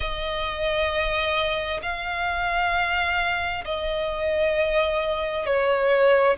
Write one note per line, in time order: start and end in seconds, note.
0.00 1.80 D#5
1.82 3.64 F5
3.64 5.45 D#5
5.45 6.36 C#5